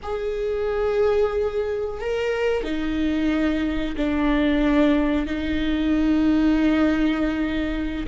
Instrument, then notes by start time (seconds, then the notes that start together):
viola
0.02 G#4
2.00 A#4
2.63 D#4
3.96 D4
5.26 D#4